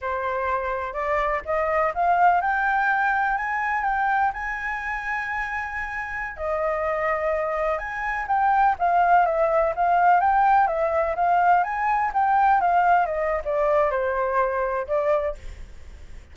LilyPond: \new Staff \with { instrumentName = "flute" } { \time 4/4 \tempo 4 = 125 c''2 d''4 dis''4 | f''4 g''2 gis''4 | g''4 gis''2.~ | gis''4~ gis''16 dis''2~ dis''8.~ |
dis''16 gis''4 g''4 f''4 e''8.~ | e''16 f''4 g''4 e''4 f''8.~ | f''16 gis''4 g''4 f''4 dis''8. | d''4 c''2 d''4 | }